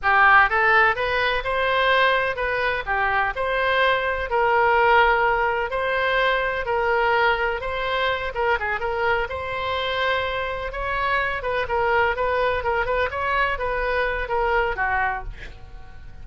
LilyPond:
\new Staff \with { instrumentName = "oboe" } { \time 4/4 \tempo 4 = 126 g'4 a'4 b'4 c''4~ | c''4 b'4 g'4 c''4~ | c''4 ais'2. | c''2 ais'2 |
c''4. ais'8 gis'8 ais'4 c''8~ | c''2~ c''8 cis''4. | b'8 ais'4 b'4 ais'8 b'8 cis''8~ | cis''8 b'4. ais'4 fis'4 | }